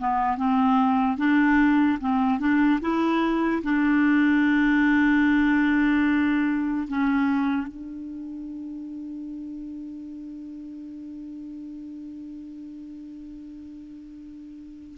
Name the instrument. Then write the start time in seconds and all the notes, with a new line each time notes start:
clarinet
0.00 B3
0.38 C4
1.18 D4
2.00 C4
2.39 D4
2.81 E4
3.63 D4
6.88 C#4
7.68 D4